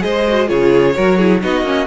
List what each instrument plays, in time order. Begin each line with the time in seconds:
0.00 cello G#3, viola G#4, violin C5 D#5
0.28 viola F#4
0.47 cello C#3, viola F4, violin G#4 C#5
0.95 cello F#3, viola F#4, violin A#4
1.18 viola E4, violin G#4
1.43 cello B3, viola D#4, violin F#4 D#5
1.63 cello A#3, viola C#4